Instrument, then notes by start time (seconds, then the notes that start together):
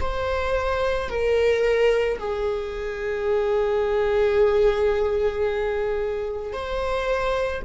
viola
0.00 C5
1.09 A#4
2.18 G#4
6.53 C5